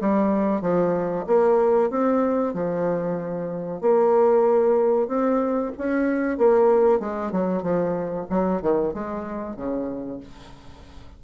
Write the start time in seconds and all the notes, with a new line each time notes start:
0.00 G3
0.61 F3
1.26 A#3
1.90 C4
2.53 F3
3.81 A#3
5.07 C4
5.77 C#4
6.37 A#3
7.00 G#3
7.31 F#3
7.62 F3
8.29 F#3
8.61 D#3
8.93 G#3
9.56 C#3